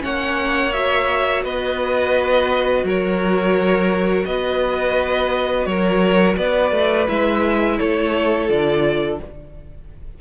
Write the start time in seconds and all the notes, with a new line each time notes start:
0.00 A#3 C#4 C#5 F#5
0.73 F#4 E5
1.44 B3 B4 D#5
2.84 F#3 A#4 C#5
4.26 B3 B4 D#5
5.66 F#3 A#4 C#5
6.37 B3 B4 D5
6.72 A3
7.07 G#3 E4 E5
7.79 A3 A4 C#5
8.48 D3 F4 D5